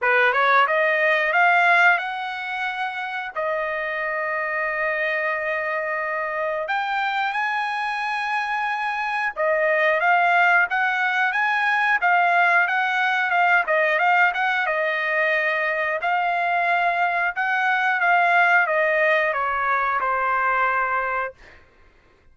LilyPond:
\new Staff \with { instrumentName = "trumpet" } { \time 4/4 \tempo 4 = 90 b'8 cis''8 dis''4 f''4 fis''4~ | fis''4 dis''2.~ | dis''2 g''4 gis''4~ | gis''2 dis''4 f''4 |
fis''4 gis''4 f''4 fis''4 | f''8 dis''8 f''8 fis''8 dis''2 | f''2 fis''4 f''4 | dis''4 cis''4 c''2 | }